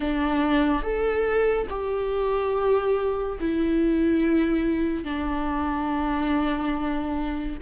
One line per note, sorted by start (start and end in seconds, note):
0.00 0.82 D4
0.82 1.67 A4
1.69 3.38 G4
3.40 5.04 E4
5.04 7.57 D4